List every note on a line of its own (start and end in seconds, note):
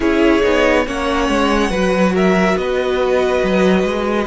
0.00 0.41 C#4
0.00 0.42 E4
0.00 0.84 G#4
0.00 0.87 C#5
0.42 0.86 B3
0.42 0.85 D#4
0.86 1.28 A#3
0.86 1.71 C#4
0.86 1.70 C#5
0.86 2.15 F#5
1.28 1.69 G#3
1.69 2.55 F#3
1.69 4.27 F#4
1.69 2.13 B4
2.14 2.57 A#4
2.14 2.57 E5
2.56 3.42 B3
2.56 4.27 B4
2.56 4.27 D#5
3.43 3.83 F#3
3.83 4.26 G#3